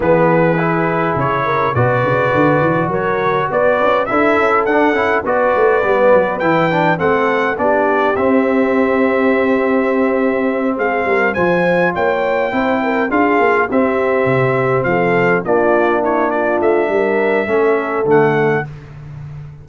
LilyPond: <<
  \new Staff \with { instrumentName = "trumpet" } { \time 4/4 \tempo 4 = 103 b'2 cis''4 d''4~ | d''4 cis''4 d''4 e''4 | fis''4 d''2 g''4 | fis''4 d''4 e''2~ |
e''2~ e''8 f''4 gis''8~ | gis''8 g''2 f''4 e''8~ | e''4. f''4 d''4 cis''8 | d''8 e''2~ e''8 fis''4 | }
  \new Staff \with { instrumentName = "horn" } { \time 4/4 gis'2~ gis'8 ais'8 b'4~ | b'4 ais'4 b'4 a'4~ | a'4 b'2. | a'4 g'2.~ |
g'2~ g'8 gis'8 ais'8 c''8~ | c''8 cis''4 c''8 ais'8 gis'4 g'8~ | g'4. a'4 f'4 e'8 | f'4 ais'4 a'2 | }
  \new Staff \with { instrumentName = "trombone" } { \time 4/4 b4 e'2 fis'4~ | fis'2. e'4 | d'8 e'8 fis'4 b4 e'8 d'8 | c'4 d'4 c'2~ |
c'2.~ c'8 f'8~ | f'4. e'4 f'4 c'8~ | c'2~ c'8 d'4.~ | d'2 cis'4 a4 | }
  \new Staff \with { instrumentName = "tuba" } { \time 4/4 e2 cis4 b,8 cis8 | d8 e8 fis4 b8 cis'8 d'8 cis'8 | d'8 cis'8 b8 a8 g8 fis8 e4 | a4 b4 c'2~ |
c'2~ c'8 gis8 g8 f8~ | f8 ais4 c'4 d'8 ais8 c'8~ | c'8 c4 f4 ais4.~ | ais8 a8 g4 a4 d4 | }
>>